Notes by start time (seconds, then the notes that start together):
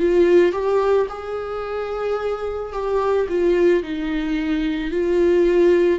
0.00 F4
0.53 G4
1.10 G#4
2.73 G4
3.29 F4
3.83 D#4
4.91 F4